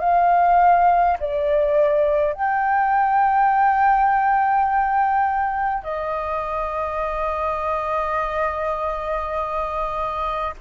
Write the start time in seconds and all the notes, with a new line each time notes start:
0.00 F5
1.20 D5
2.34 G5
5.83 D#5